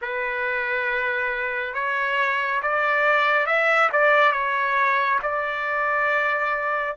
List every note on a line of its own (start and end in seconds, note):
0.01 1.74 B4
1.74 2.61 C#5
2.62 3.46 D5
3.46 3.89 E5
3.92 4.32 D5
4.32 5.19 C#5
5.22 6.96 D5